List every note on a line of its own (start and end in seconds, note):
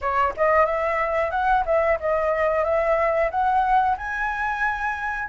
0.01 0.34 C#5
0.37 0.65 D#5
0.65 1.30 E5
1.30 1.63 F#5
1.65 1.98 E5
2.00 2.64 D#5
2.64 3.30 E5
3.31 3.97 F#5
3.97 5.28 G#5